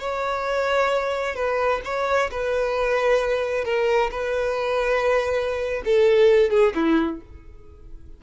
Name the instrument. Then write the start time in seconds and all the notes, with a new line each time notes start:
violin
0.00 C#5
1.35 B4
1.84 C#5
2.31 B4
3.65 A#4
4.11 B4
5.85 A4
6.50 G#4
6.75 E4